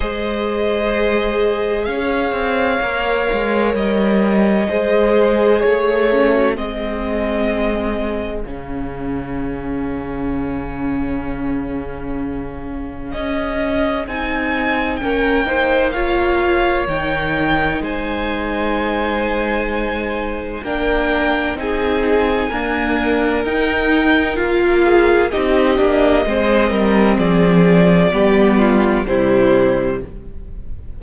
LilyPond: <<
  \new Staff \with { instrumentName = "violin" } { \time 4/4 \tempo 4 = 64 dis''2 f''2 | dis''2 cis''4 dis''4~ | dis''4 f''2.~ | f''2 dis''4 gis''4 |
g''4 f''4 g''4 gis''4~ | gis''2 g''4 gis''4~ | gis''4 g''4 f''4 dis''4~ | dis''4 d''2 c''4 | }
  \new Staff \with { instrumentName = "violin" } { \time 4/4 c''2 cis''2~ | cis''4 c''4 cis''8 cis'8 gis'4~ | gis'1~ | gis'1 |
ais'8 c''8 cis''2 c''4~ | c''2 ais'4 gis'4 | ais'2~ ais'8 gis'8 g'4 | c''8 ais'8 gis'4 g'8 f'8 e'4 | }
  \new Staff \with { instrumentName = "viola" } { \time 4/4 gis'2. ais'4~ | ais'4 gis'4.~ gis'16 fis'16 c'4~ | c'4 cis'2.~ | cis'2. dis'4 |
cis'8 dis'8 f'4 dis'2~ | dis'2 d'4 dis'4 | ais4 dis'4 f'4 dis'8 d'8 | c'2 b4 g4 | }
  \new Staff \with { instrumentName = "cello" } { \time 4/4 gis2 cis'8 c'8 ais8 gis8 | g4 gis4 a4 gis4~ | gis4 cis2.~ | cis2 cis'4 c'4 |
ais2 dis4 gis4~ | gis2 ais4 c'4 | d'4 dis'4 ais4 c'8 ais8 | gis8 g8 f4 g4 c4 | }
>>